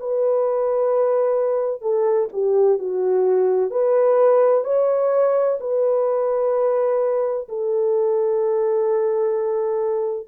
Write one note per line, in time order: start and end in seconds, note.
0.00 1.82 B4
1.82 2.28 A4
2.33 2.79 G4
2.79 3.70 F#4
3.70 4.64 B4
4.64 5.58 C#5
5.60 7.48 B4
7.49 10.27 A4